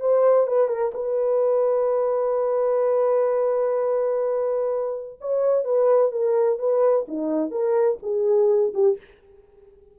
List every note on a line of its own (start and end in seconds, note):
0.00 0.47 C5
0.47 0.68 B4
0.68 0.92 A#4
0.94 5.19 B4
5.21 5.65 C#5
5.65 6.12 B4
6.12 6.59 A#4
6.59 7.06 B4
7.08 7.51 D#4
7.51 7.98 A#4
8.02 8.73 G#4
8.74 8.98 G4